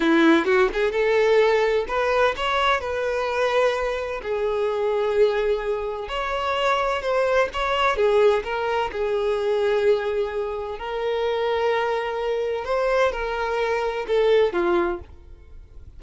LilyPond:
\new Staff \with { instrumentName = "violin" } { \time 4/4 \tempo 4 = 128 e'4 fis'8 gis'8 a'2 | b'4 cis''4 b'2~ | b'4 gis'2.~ | gis'4 cis''2 c''4 |
cis''4 gis'4 ais'4 gis'4~ | gis'2. ais'4~ | ais'2. c''4 | ais'2 a'4 f'4 | }